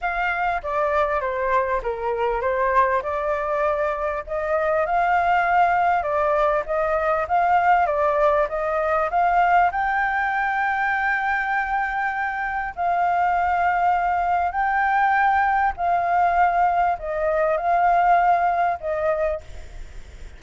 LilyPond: \new Staff \with { instrumentName = "flute" } { \time 4/4 \tempo 4 = 99 f''4 d''4 c''4 ais'4 | c''4 d''2 dis''4 | f''2 d''4 dis''4 | f''4 d''4 dis''4 f''4 |
g''1~ | g''4 f''2. | g''2 f''2 | dis''4 f''2 dis''4 | }